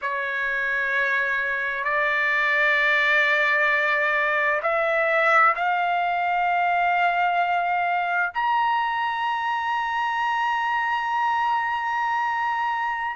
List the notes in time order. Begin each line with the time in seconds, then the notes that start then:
0.01 C#5
1.84 D5
4.62 E5
5.56 F5
8.33 A#5